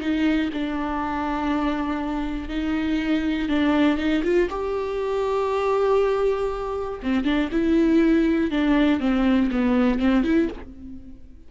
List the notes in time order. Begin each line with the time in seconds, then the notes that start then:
0.00 D#4
0.53 D4
2.49 D#4
3.49 D4
3.98 D#4
4.23 F4
4.50 G4
7.03 C4
7.25 D4
7.52 E4
8.51 D4
9.00 C4
9.51 B3
9.99 C4
10.24 E4